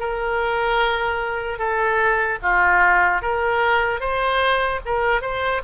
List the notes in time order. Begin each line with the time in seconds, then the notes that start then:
0.00 A#4
1.59 A4
2.43 F4
3.22 A#4
4.00 C5
4.85 A#4
5.21 C5